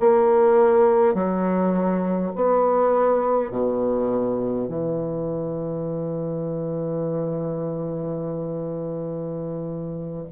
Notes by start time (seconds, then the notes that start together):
0.00 A#3
1.14 F#3
2.35 B3
3.51 B2
4.68 E3